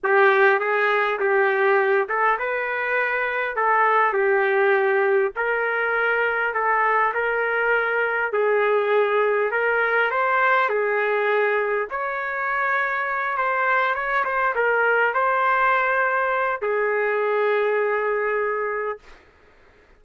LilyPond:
\new Staff \with { instrumentName = "trumpet" } { \time 4/4 \tempo 4 = 101 g'4 gis'4 g'4. a'8 | b'2 a'4 g'4~ | g'4 ais'2 a'4 | ais'2 gis'2 |
ais'4 c''4 gis'2 | cis''2~ cis''8 c''4 cis''8 | c''8 ais'4 c''2~ c''8 | gis'1 | }